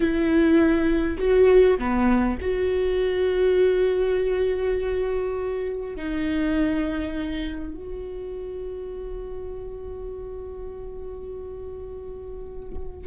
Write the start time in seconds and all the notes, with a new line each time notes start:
0.00 E4
1.18 F#4
1.78 B3
2.41 F#4
5.95 D#4
7.74 F#4